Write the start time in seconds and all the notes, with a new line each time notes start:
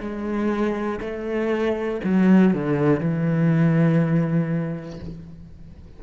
0.00 G#3
1.01 A3
2.05 F#3
2.55 D3
3.00 E3